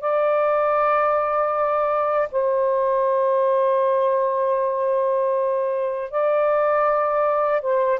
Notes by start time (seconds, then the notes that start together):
0.00 D5
2.31 C5
6.10 D5
7.61 C5